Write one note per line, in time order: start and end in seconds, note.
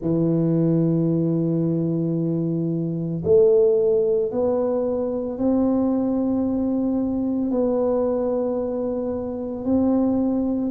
0.01 3.22 E3
3.24 4.31 A3
4.31 5.38 B3
5.38 7.50 C4
7.50 9.64 B3
9.64 10.71 C4